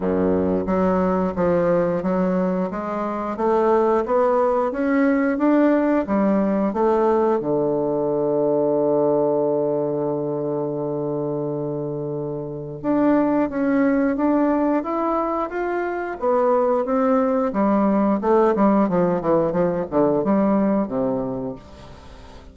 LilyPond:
\new Staff \with { instrumentName = "bassoon" } { \time 4/4 \tempo 4 = 89 fis,4 fis4 f4 fis4 | gis4 a4 b4 cis'4 | d'4 g4 a4 d4~ | d1~ |
d2. d'4 | cis'4 d'4 e'4 f'4 | b4 c'4 g4 a8 g8 | f8 e8 f8 d8 g4 c4 | }